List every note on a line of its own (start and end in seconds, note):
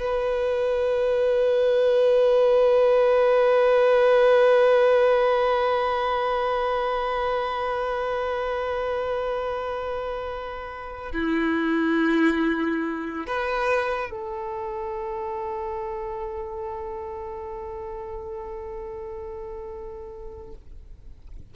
0.00 11.13 B4
11.13 13.27 E4
13.27 14.11 B4
14.11 20.54 A4